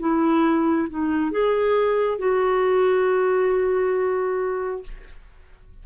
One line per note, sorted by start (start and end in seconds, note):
0.00 0.88 E4
0.89 1.31 D#4
1.31 2.19 G#4
2.19 4.83 F#4